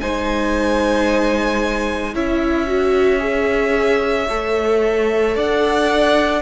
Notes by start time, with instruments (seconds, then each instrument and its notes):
0.00 cello G#3, viola D#4, violin C5 G#5
2.14 cello C#4, viola E4, violin C#5 E5
2.67 viola F#4
3.19 viola G#4
4.29 cello A3, viola A4
5.35 cello D4, violin D5 F#5